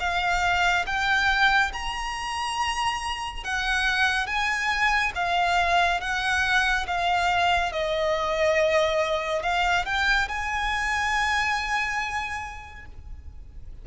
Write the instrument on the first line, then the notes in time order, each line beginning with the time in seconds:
violin
0.00 F5
0.86 G5
1.73 A#5
3.44 F#5
4.27 G#5
5.15 F5
6.01 F#5
6.87 F5
7.73 D#5
9.43 F5
9.86 G5
10.29 G#5